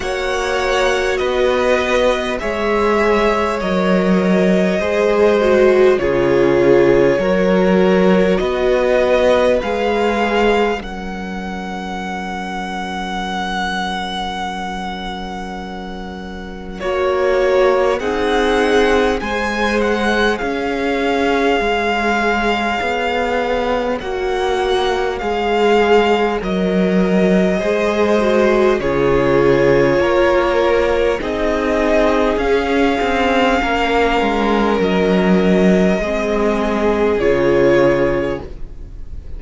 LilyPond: <<
  \new Staff \with { instrumentName = "violin" } { \time 4/4 \tempo 4 = 50 fis''4 dis''4 e''4 dis''4~ | dis''4 cis''2 dis''4 | f''4 fis''2.~ | fis''2 cis''4 fis''4 |
gis''8 fis''8 f''2. | fis''4 f''4 dis''2 | cis''2 dis''4 f''4~ | f''4 dis''2 cis''4 | }
  \new Staff \with { instrumentName = "violin" } { \time 4/4 cis''4 b'4 cis''2 | c''4 gis'4 ais'4 b'4~ | b'4 ais'2.~ | ais'2. gis'4 |
c''4 cis''2.~ | cis''2. c''4 | gis'4 ais'4 gis'2 | ais'2 gis'2 | }
  \new Staff \with { instrumentName = "viola" } { \time 4/4 fis'2 gis'4 ais'4 | gis'8 fis'8 f'4 fis'2 | gis'4 cis'2.~ | cis'2 fis'4 dis'4 |
gis'1 | fis'4 gis'4 ais'4 gis'8 fis'8 | f'2 dis'4 cis'4~ | cis'2 c'4 f'4 | }
  \new Staff \with { instrumentName = "cello" } { \time 4/4 ais4 b4 gis4 fis4 | gis4 cis4 fis4 b4 | gis4 fis2.~ | fis2 ais4 c'4 |
gis4 cis'4 gis4 b4 | ais4 gis4 fis4 gis4 | cis4 ais4 c'4 cis'8 c'8 | ais8 gis8 fis4 gis4 cis4 | }
>>